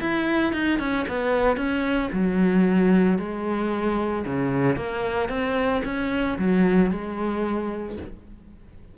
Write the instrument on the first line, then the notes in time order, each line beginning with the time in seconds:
cello
0.00 E4
0.53 D#4
0.79 C#4
1.08 B3
1.57 C#4
2.12 F#3
3.19 G#3
4.26 C#3
4.76 A#3
5.29 C4
5.85 C#4
6.38 F#3
6.91 G#3